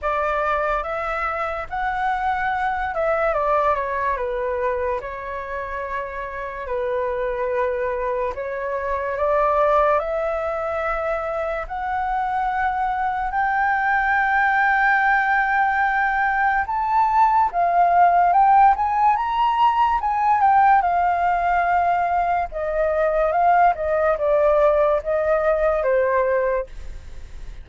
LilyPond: \new Staff \with { instrumentName = "flute" } { \time 4/4 \tempo 4 = 72 d''4 e''4 fis''4. e''8 | d''8 cis''8 b'4 cis''2 | b'2 cis''4 d''4 | e''2 fis''2 |
g''1 | a''4 f''4 g''8 gis''8 ais''4 | gis''8 g''8 f''2 dis''4 | f''8 dis''8 d''4 dis''4 c''4 | }